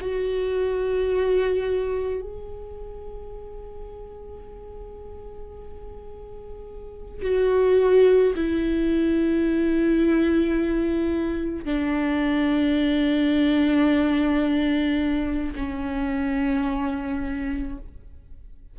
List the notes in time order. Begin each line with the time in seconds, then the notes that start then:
0.00 F#4
2.21 G#4
7.22 F#4
8.35 E4
11.65 D4
15.56 C#4